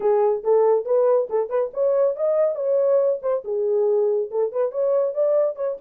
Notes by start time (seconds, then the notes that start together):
0.00 G#4
0.43 A4
0.85 B4
1.29 A4
1.49 B4
1.73 C#5
2.15 D#5
2.55 C#5
3.22 C5
3.44 G#4
4.31 A4
4.51 B4
4.71 C#5
5.14 D5
5.55 C#5